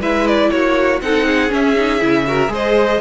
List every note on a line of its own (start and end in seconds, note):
0.00 0.50 G#3
0.00 1.01 E4
0.00 0.50 B4
0.00 0.27 E5
0.27 0.50 D5
0.50 1.01 A#3
0.50 1.02 F#4
0.50 1.00 C#5
1.01 1.51 C4
1.01 1.49 D#4
1.01 1.26 A4
1.01 1.52 F#5
1.26 2.26 G#4
1.49 1.74 C#4
1.49 2.02 C#4
1.49 2.53 E5
1.76 1.99 D#4
1.99 2.48 C#3
1.99 2.24 E4
2.27 2.48 F#4
2.27 2.52 A#4
2.48 2.98 G#3
2.48 2.98 G#4
2.48 3.01 C5
2.55 3.01 D#5